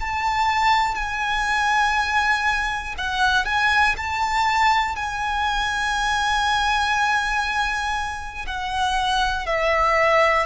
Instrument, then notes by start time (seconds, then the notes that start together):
violin
0.00 A5
0.95 G#5
2.98 F#5
3.45 G#5
3.97 A5
4.95 G#5
8.47 F#5
9.46 E5